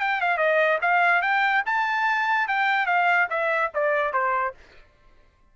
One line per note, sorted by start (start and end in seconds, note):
0.00 0.21 G5
0.21 0.37 F5
0.37 0.78 D#5
0.81 1.21 F5
1.21 1.63 G5
1.66 2.47 A5
2.47 2.86 G5
2.86 3.27 F5
3.29 3.71 E5
3.74 4.12 D5
4.12 4.54 C5